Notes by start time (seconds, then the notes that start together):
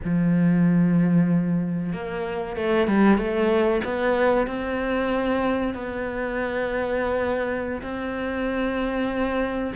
0.04 F3
1.93 A#3
2.56 A3
2.87 G3
3.17 A3
3.84 B3
4.47 C4
5.74 B3
7.82 C4